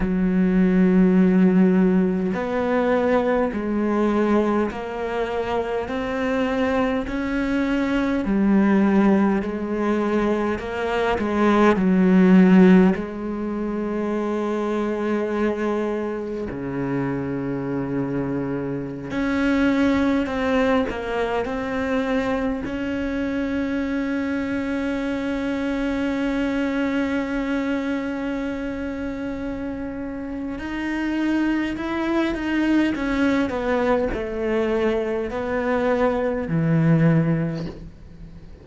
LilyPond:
\new Staff \with { instrumentName = "cello" } { \time 4/4 \tempo 4 = 51 fis2 b4 gis4 | ais4 c'4 cis'4 g4 | gis4 ais8 gis8 fis4 gis4~ | gis2 cis2~ |
cis16 cis'4 c'8 ais8 c'4 cis'8.~ | cis'1~ | cis'2 dis'4 e'8 dis'8 | cis'8 b8 a4 b4 e4 | }